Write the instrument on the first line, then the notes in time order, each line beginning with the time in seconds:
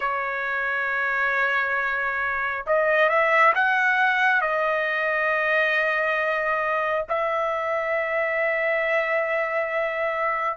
trumpet
0.00 C#5
2.66 D#5
3.09 E5
3.54 F#5
4.41 D#5
7.08 E5